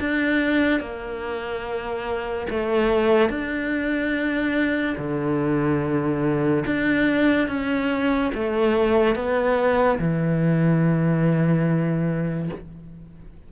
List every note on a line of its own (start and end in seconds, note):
0.00 0.80 D4
0.80 2.47 A#3
2.50 3.30 A3
3.30 4.96 D4
4.98 6.64 D3
6.66 7.48 D4
7.48 8.31 C#4
8.34 9.15 A3
9.15 9.98 B3
9.99 12.49 E3